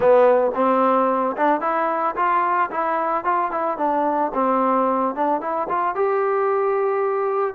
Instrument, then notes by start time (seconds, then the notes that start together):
trombone
0.00 B3
0.54 C4
1.36 D4
1.61 E4
2.16 F4
2.71 E4
3.24 F4
3.51 E4
3.77 D4
4.34 C4
5.15 D4
5.40 E4
5.69 F4
5.95 G4